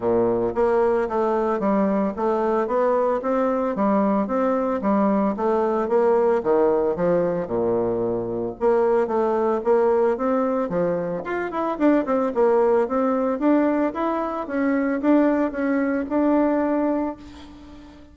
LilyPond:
\new Staff \with { instrumentName = "bassoon" } { \time 4/4 \tempo 4 = 112 ais,4 ais4 a4 g4 | a4 b4 c'4 g4 | c'4 g4 a4 ais4 | dis4 f4 ais,2 |
ais4 a4 ais4 c'4 | f4 f'8 e'8 d'8 c'8 ais4 | c'4 d'4 e'4 cis'4 | d'4 cis'4 d'2 | }